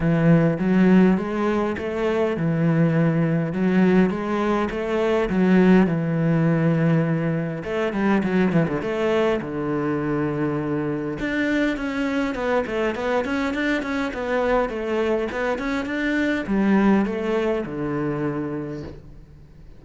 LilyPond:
\new Staff \with { instrumentName = "cello" } { \time 4/4 \tempo 4 = 102 e4 fis4 gis4 a4 | e2 fis4 gis4 | a4 fis4 e2~ | e4 a8 g8 fis8 e16 d16 a4 |
d2. d'4 | cis'4 b8 a8 b8 cis'8 d'8 cis'8 | b4 a4 b8 cis'8 d'4 | g4 a4 d2 | }